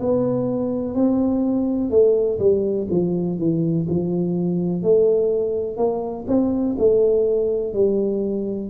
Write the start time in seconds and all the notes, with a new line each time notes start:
0.00 B3
0.95 C4
1.91 A3
2.39 G3
2.90 F3
3.39 E3
3.90 F3
4.83 A3
5.78 A#3
6.28 C4
6.79 A3
7.74 G3